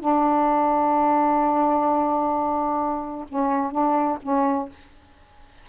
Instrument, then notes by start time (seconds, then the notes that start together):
saxophone
0.00 D4
3.29 C#4
3.72 D4
4.23 C#4